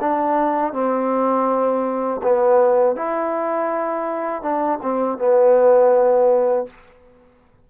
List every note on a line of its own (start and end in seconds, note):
0.00 0.72 D4
0.72 2.21 C4
2.22 2.95 B3
2.95 4.42 E4
4.42 4.79 D4
4.82 5.18 C4
5.18 6.66 B3